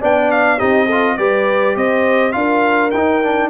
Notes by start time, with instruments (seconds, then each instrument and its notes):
0.00 tuba B3, trombone D4, horn D5, trumpet G5
0.31 trumpet F5
0.58 tuba C4, trombone D#4, horn G4, trumpet D#5
0.85 trombone F4, horn A4
1.17 tuba G3, trombone G4, horn B4, trumpet D5
1.76 tuba C4, horn C5, trumpet D#5
2.31 tuba D4, trombone F4, horn A#4, trumpet F5
2.90 tuba D#4, trombone D#4, trumpet G5
3.23 trombone D4